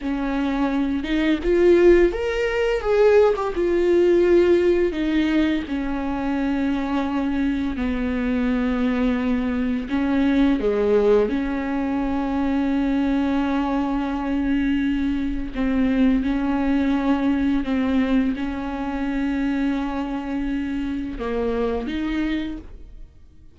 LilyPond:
\new Staff \with { instrumentName = "viola" } { \time 4/4 \tempo 4 = 85 cis'4. dis'8 f'4 ais'4 | gis'8. g'16 f'2 dis'4 | cis'2. b4~ | b2 cis'4 gis4 |
cis'1~ | cis'2 c'4 cis'4~ | cis'4 c'4 cis'2~ | cis'2 ais4 dis'4 | }